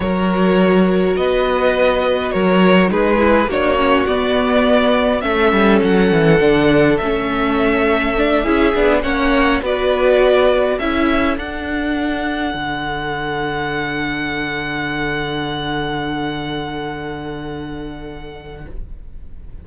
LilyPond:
<<
  \new Staff \with { instrumentName = "violin" } { \time 4/4 \tempo 4 = 103 cis''2 dis''2 | cis''4 b'4 cis''4 d''4~ | d''4 e''4 fis''2 | e''2.~ e''8 fis''8~ |
fis''8 d''2 e''4 fis''8~ | fis''1~ | fis''1~ | fis''1 | }
  \new Staff \with { instrumentName = "violin" } { \time 4/4 ais'2 b'2 | ais'4 gis'4 fis'2~ | fis'4 a'2.~ | a'2~ a'8 gis'4 cis''8~ |
cis''8 b'2 a'4.~ | a'1~ | a'1~ | a'1 | }
  \new Staff \with { instrumentName = "viola" } { \time 4/4 fis'1~ | fis'4 dis'8 e'8 d'8 cis'8 b4~ | b4 cis'2 d'4 | cis'2 d'8 e'8 d'8 cis'8~ |
cis'8 fis'2 e'4 d'8~ | d'1~ | d'1~ | d'1 | }
  \new Staff \with { instrumentName = "cello" } { \time 4/4 fis2 b2 | fis4 gis4 ais4 b4~ | b4 a8 g8 fis8 e8 d4 | a2~ a8 cis'8 b8 ais8~ |
ais8 b2 cis'4 d'8~ | d'4. d2~ d8~ | d1~ | d1 | }
>>